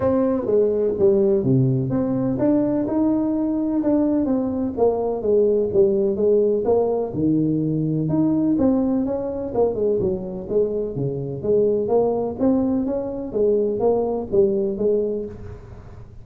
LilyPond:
\new Staff \with { instrumentName = "tuba" } { \time 4/4 \tempo 4 = 126 c'4 gis4 g4 c4 | c'4 d'4 dis'2 | d'4 c'4 ais4 gis4 | g4 gis4 ais4 dis4~ |
dis4 dis'4 c'4 cis'4 | ais8 gis8 fis4 gis4 cis4 | gis4 ais4 c'4 cis'4 | gis4 ais4 g4 gis4 | }